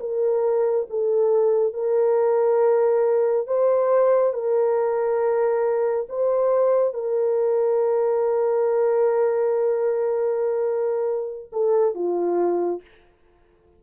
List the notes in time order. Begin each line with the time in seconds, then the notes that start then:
0.00 A#4
0.90 A4
1.74 A#4
3.47 C5
4.34 A#4
6.09 C5
6.94 A#4
11.53 A4
11.95 F4